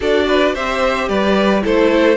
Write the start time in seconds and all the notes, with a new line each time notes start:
0.00 D4 F#4 A4 D5
0.27 B4
0.54 C4 G4 C5 E5
1.08 G3 B4 D5
1.62 A3 E4 A4 C5